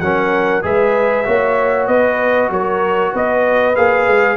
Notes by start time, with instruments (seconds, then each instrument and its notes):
0.00 tuba F#3, trombone C#4, horn A#4, trumpet F#5
0.62 tuba G#3, trombone G#4, horn B4, trumpet E5
1.25 tuba A#3, trombone F#4, horn C#5
1.87 tuba B3, horn B4, trumpet D#5
2.50 tuba F#3, horn A#4, trumpet C#5
3.13 tuba B3, horn B4, trumpet D#5
3.76 tuba A#3, trombone G#4, trumpet F5
4.07 tuba G#3